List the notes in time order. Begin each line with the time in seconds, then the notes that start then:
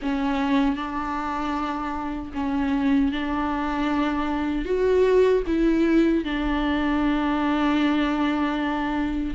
0.02 C#4
0.76 D4
2.34 C#4
3.12 D4
4.65 F#4
5.47 E4
6.24 D4